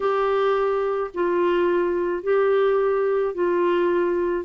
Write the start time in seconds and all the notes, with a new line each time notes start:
0.00 G4
1.14 F4
2.23 G4
3.34 F4